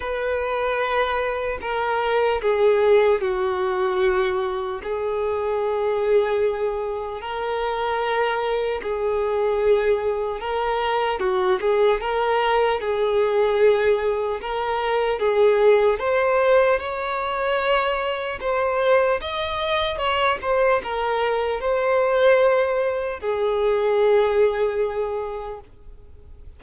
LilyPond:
\new Staff \with { instrumentName = "violin" } { \time 4/4 \tempo 4 = 75 b'2 ais'4 gis'4 | fis'2 gis'2~ | gis'4 ais'2 gis'4~ | gis'4 ais'4 fis'8 gis'8 ais'4 |
gis'2 ais'4 gis'4 | c''4 cis''2 c''4 | dis''4 cis''8 c''8 ais'4 c''4~ | c''4 gis'2. | }